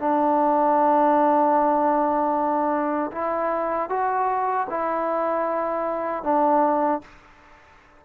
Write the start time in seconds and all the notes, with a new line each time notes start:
0.00 D4
3.12 E4
3.90 F#4
4.70 E4
6.24 D4